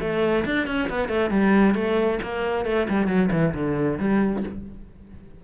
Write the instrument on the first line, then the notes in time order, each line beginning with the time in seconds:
cello
0.00 A3
0.45 D4
0.67 C#4
0.89 B3
1.08 A3
1.30 G3
1.74 A3
2.22 A#3
2.65 A3
2.89 G3
3.07 F#3
3.32 E3
3.54 D3
3.99 G3